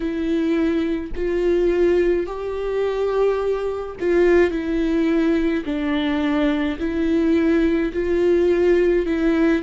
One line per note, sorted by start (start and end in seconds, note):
0.00 1.11 E4
1.15 2.26 F4
2.26 3.96 G4
4.00 4.50 F4
4.50 5.63 E4
5.65 6.78 D4
6.79 7.92 E4
7.92 9.06 F4
9.06 9.62 E4